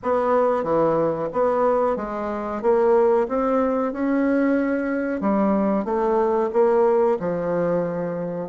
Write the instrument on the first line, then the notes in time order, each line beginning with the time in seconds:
bassoon
0.02 B3
0.63 E3
1.32 B3
1.96 G#3
2.61 A#3
3.28 C4
3.92 C#4
5.21 G3
5.84 A3
6.52 A#3
7.19 F3